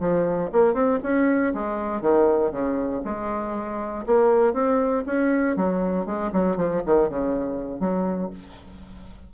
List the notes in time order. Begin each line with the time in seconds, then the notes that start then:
0.00 F3
0.52 A#3
0.74 C4
1.03 C#4
1.54 G#3
2.01 D#3
2.51 C#3
3.05 G#3
4.06 A#3
4.53 C4
5.06 C#4
5.56 F#3
6.06 G#3
6.33 F#3
6.56 F3
6.86 D#3
7.09 C#3
7.80 F#3